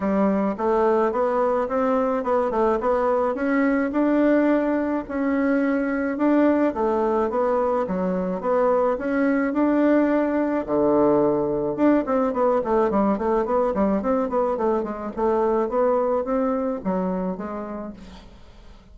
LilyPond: \new Staff \with { instrumentName = "bassoon" } { \time 4/4 \tempo 4 = 107 g4 a4 b4 c'4 | b8 a8 b4 cis'4 d'4~ | d'4 cis'2 d'4 | a4 b4 fis4 b4 |
cis'4 d'2 d4~ | d4 d'8 c'8 b8 a8 g8 a8 | b8 g8 c'8 b8 a8 gis8 a4 | b4 c'4 fis4 gis4 | }